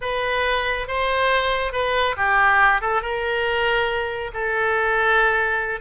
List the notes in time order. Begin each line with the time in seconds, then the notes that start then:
0.01 B4
0.87 C5
1.72 B4
2.17 G4
2.81 A4
3.01 A#4
4.33 A4